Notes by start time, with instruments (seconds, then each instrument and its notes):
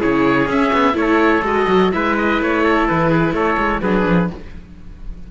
0.00 cello C#3, viola E4, trumpet G#4, oboe C#5
0.48 cello C#4, viola C#4, oboe E5
0.73 cello B3
0.93 cello A3, viola E4, oboe C#5
1.00 trumpet A4
1.42 cello G#3, viola F#4, oboe D#5
1.68 cello F#3
1.92 cello G#3, viola E4, trumpet B4, oboe E5
2.18 oboe D#5
2.41 cello A3, oboe C#5
2.63 trumpet A4
2.88 cello E3, oboe B4
3.10 trumpet G#4
3.33 cello A3, trumpet A4, oboe C#5
3.58 cello G#3
3.81 cello F#3, viola D4, trumpet G#4, oboe B4
4.06 cello F3